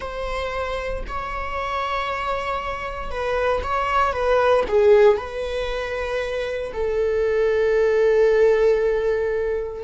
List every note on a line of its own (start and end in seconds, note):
0.00 1.03 C5
1.07 3.10 C#5
3.10 3.62 B4
3.63 4.12 C#5
4.12 4.64 B4
4.67 5.17 G#4
5.17 6.72 B4
6.73 9.83 A4